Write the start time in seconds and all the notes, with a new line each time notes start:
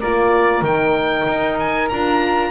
0.00 A#3 F4 A#4 D5
0.62 D#3 D#4 G5
1.28 D#4
1.60 G#5
1.89 D4 F4 A#5